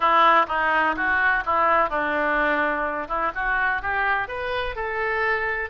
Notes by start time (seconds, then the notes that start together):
0.00 E4
0.48 D#4
0.96 F#4
1.45 E4
1.89 D4
3.08 E4
3.34 F#4
3.82 G4
4.28 B4
4.75 A4